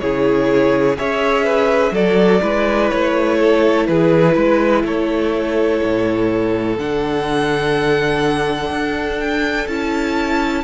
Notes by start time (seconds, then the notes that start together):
0.00 C#3 E4 G#4 C#5
0.96 C#4 G#4 C#5 E5
1.44 B4
1.92 F#3 F#4 A4 D5
2.42 G#3 E4 B4
2.90 A3 C#5
3.39 A4
3.87 E3 G#4 B4
4.34 G#3 B4
4.84 A3 A4 C#5
5.83 A2
6.78 D3 D4 F#5
8.70 D4
9.20 G5
9.67 C#4 E4 A5